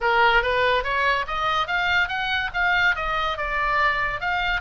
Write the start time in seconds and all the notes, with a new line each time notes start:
0.00 A#4
0.42 B4
0.83 C#5
1.27 D#5
1.67 F5
2.08 F#5
2.53 F5
2.95 D#5
3.37 D5
4.20 F5